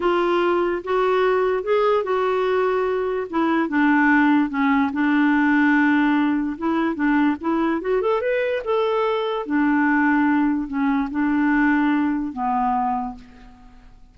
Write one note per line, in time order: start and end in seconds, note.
0.00 0.82 F4
0.83 1.63 F#4
1.63 2.03 G#4
2.03 3.27 F#4
3.30 3.68 E4
3.68 4.49 D4
4.49 4.90 C#4
4.92 6.57 D4
6.57 6.95 E4
6.95 7.36 D4
7.41 7.81 E4
7.81 8.01 F#4
8.01 8.21 A4
8.21 8.62 B4
8.64 9.46 A4
9.46 10.67 D4
10.67 11.08 C#4
11.10 12.33 D4
12.33 13.15 B3